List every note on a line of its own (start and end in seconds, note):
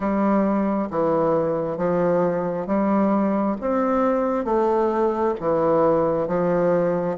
0.00 0.88 G3
0.90 1.77 E3
1.77 2.66 F3
2.66 3.56 G3
3.61 4.45 C4
4.45 5.34 A3
5.40 6.27 E3
6.27 7.16 F3